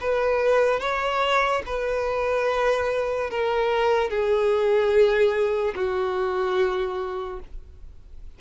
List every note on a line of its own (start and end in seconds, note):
0.00 0.80 B4
0.80 1.62 C#5
1.66 3.30 B4
3.30 4.10 A#4
4.10 5.74 G#4
5.75 7.39 F#4